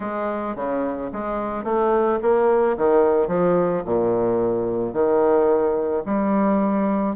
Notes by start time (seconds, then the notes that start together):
0.00 G#3
0.55 C#3
1.12 G#3
1.64 A3
2.21 A#3
2.77 D#3
3.27 F3
3.85 A#2
4.93 D#3
6.05 G3